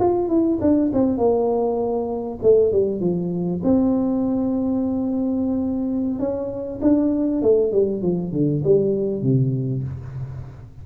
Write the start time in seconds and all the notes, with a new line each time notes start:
0.00 F4
0.29 E4
0.61 D4
0.93 C4
1.18 A#3
2.42 A3
2.72 G3
3.01 F3
3.64 C4
6.19 C#4
6.82 D4
7.42 A3
7.72 G3
8.02 F3
8.33 D3
8.64 G3
9.23 C3